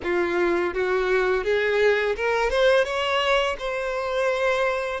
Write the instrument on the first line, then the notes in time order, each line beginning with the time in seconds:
violin
0.03 F4
0.74 F#4
1.44 G#4
2.16 A#4
2.50 C5
2.84 C#5
3.58 C5